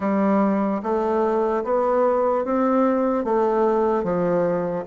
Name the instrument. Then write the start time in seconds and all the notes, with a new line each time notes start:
bassoon
0.00 G3
0.82 A3
1.64 B3
2.44 C4
3.24 A3
4.03 F3